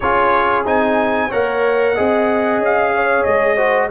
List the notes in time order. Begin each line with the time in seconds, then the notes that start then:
0.00 C#4 F4 G#4 C#5
0.65 C4 D#4 G#5
1.28 A#3 A#4 C#5 F#5
1.95 C4 G#4 D#5
2.58 C#4 F5
2.94 C#5
3.23 G#3 D#5
3.55 F#4 C5